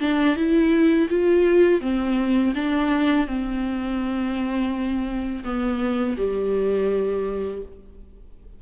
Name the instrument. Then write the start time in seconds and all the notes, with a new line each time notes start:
viola
0.00 D4
0.36 E4
1.09 F4
1.81 C4
2.55 D4
3.27 C4
5.44 B3
6.17 G3